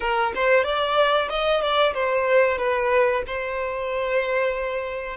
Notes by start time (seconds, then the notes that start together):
0.00 A#4
0.35 C5
0.63 D5
1.29 D#5
1.61 D5
1.94 C5
2.58 B4
3.26 C5